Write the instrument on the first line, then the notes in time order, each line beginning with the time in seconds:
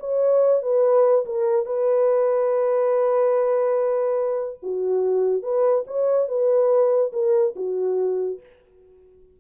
horn
0.00 C#5
0.62 B4
1.25 A#4
1.66 B4
4.63 F#4
5.43 B4
5.87 C#5
6.28 B4
7.13 A#4
7.56 F#4